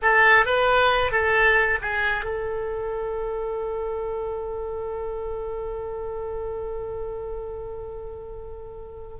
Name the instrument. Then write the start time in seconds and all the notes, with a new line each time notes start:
oboe
0.02 A4
0.45 B4
1.11 A4
1.81 G#4
2.24 A4